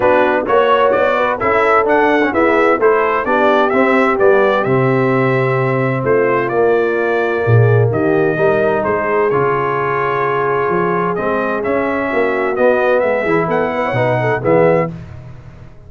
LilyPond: <<
  \new Staff \with { instrumentName = "trumpet" } { \time 4/4 \tempo 4 = 129 b'4 cis''4 d''4 e''4 | fis''4 e''4 c''4 d''4 | e''4 d''4 e''2~ | e''4 c''4 d''2~ |
d''4 dis''2 c''4 | cis''1 | dis''4 e''2 dis''4 | e''4 fis''2 e''4 | }
  \new Staff \with { instrumentName = "horn" } { \time 4/4 fis'4 cis''4. b'8 a'4~ | a'4 gis'4 a'4 g'4~ | g'1~ | g'4 f'2. |
gis'4 g'4 ais'4 gis'4~ | gis'1~ | gis'2 fis'2 | gis'4 a'8 b'16 cis''16 b'8 a'8 gis'4 | }
  \new Staff \with { instrumentName = "trombone" } { \time 4/4 d'4 fis'2 e'4 | d'8. cis'16 b4 e'4 d'4 | c'4 b4 c'2~ | c'2 ais2~ |
ais2 dis'2 | f'1 | c'4 cis'2 b4~ | b8 e'4. dis'4 b4 | }
  \new Staff \with { instrumentName = "tuba" } { \time 4/4 b4 ais4 b4 cis'4 | d'4 e'4 a4 b4 | c'4 g4 c2~ | c4 a4 ais2 |
ais,4 dis4 g4 gis4 | cis2. f4 | gis4 cis'4 ais4 b4 | gis8 e8 b4 b,4 e4 | }
>>